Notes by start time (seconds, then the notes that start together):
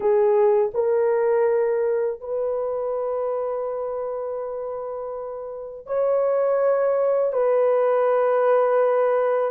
0.00 G#4
0.74 A#4
2.20 B4
5.86 C#5
7.32 B4